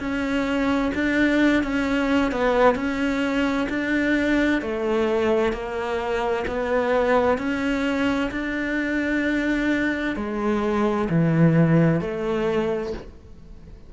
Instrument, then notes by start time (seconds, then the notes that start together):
cello
0.00 C#4
0.95 D4
1.64 C#4
2.32 B3
2.76 C#4
3.70 D4
4.62 A3
5.53 A#3
6.48 B3
7.38 C#4
8.32 D4
10.17 G#3
11.10 E3
12.01 A3